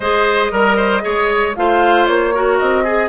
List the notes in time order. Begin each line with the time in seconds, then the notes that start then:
0.00 G#3 G#4 C5 D#5
0.51 G3 A#4
0.76 C5
1.01 G#3 G#4 C#5
1.55 A3 F4 C5 F5
2.05 A#3 C#5
2.33 F#4 A#4
2.58 C4 D#5
2.83 G#4